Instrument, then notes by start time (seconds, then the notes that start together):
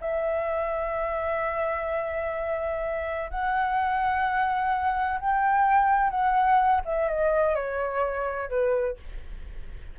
flute
0.00 E5
3.30 F#5
5.20 G5
6.10 F#5
6.84 E5
7.08 D#5
7.55 C#5
8.49 B4